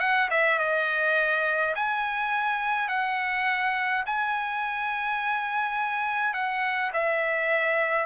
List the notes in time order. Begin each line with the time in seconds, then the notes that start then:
0.00 F#5
0.31 E5
0.59 D#5
1.75 G#5
2.88 F#5
4.06 G#5
6.34 F#5
6.93 E5